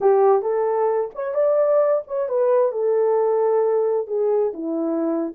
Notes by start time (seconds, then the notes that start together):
0.01 G4
0.42 A4
1.14 C#5
1.34 D5
2.07 C#5
2.28 B4
2.71 A4
4.07 G#4
4.53 E4